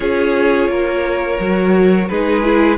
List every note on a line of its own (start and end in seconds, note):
0.00 0.68 C#4
0.00 1.39 F4
0.00 0.70 G#4
0.00 2.08 C#5
0.68 1.38 A#3
0.68 2.09 A#4
1.39 2.09 F#3
1.39 2.10 F#4
2.08 2.77 G#3
2.08 2.43 D#4
2.08 2.77 G#4
2.08 2.77 B4
2.43 2.77 E4